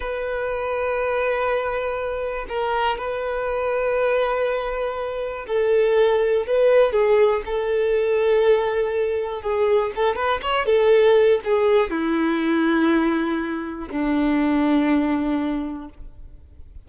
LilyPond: \new Staff \with { instrumentName = "violin" } { \time 4/4 \tempo 4 = 121 b'1~ | b'4 ais'4 b'2~ | b'2. a'4~ | a'4 b'4 gis'4 a'4~ |
a'2. gis'4 | a'8 b'8 cis''8 a'4. gis'4 | e'1 | d'1 | }